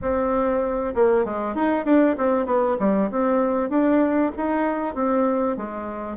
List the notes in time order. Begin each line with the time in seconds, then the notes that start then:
0.01 C4
0.94 A#3
1.25 G#3
1.55 D#4
1.85 D4
2.17 C4
2.46 B3
2.79 G3
3.10 C4
3.69 D4
4.36 D#4
4.95 C4
5.56 G#3